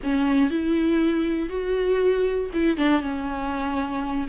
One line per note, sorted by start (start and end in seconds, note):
0.03 0.50 C#4
0.50 1.49 E4
1.49 2.50 F#4
2.53 2.77 E4
2.77 3.01 D4
3.01 4.27 C#4